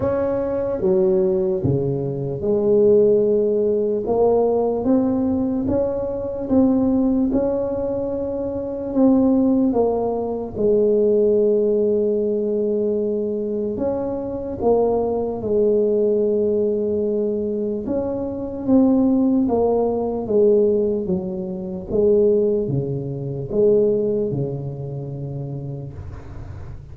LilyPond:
\new Staff \with { instrumentName = "tuba" } { \time 4/4 \tempo 4 = 74 cis'4 fis4 cis4 gis4~ | gis4 ais4 c'4 cis'4 | c'4 cis'2 c'4 | ais4 gis2.~ |
gis4 cis'4 ais4 gis4~ | gis2 cis'4 c'4 | ais4 gis4 fis4 gis4 | cis4 gis4 cis2 | }